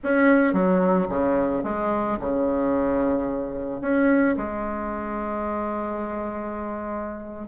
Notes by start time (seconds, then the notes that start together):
0.03 C#4
0.53 F#3
1.09 C#3
1.63 G#3
2.20 C#3
3.81 C#4
4.36 G#3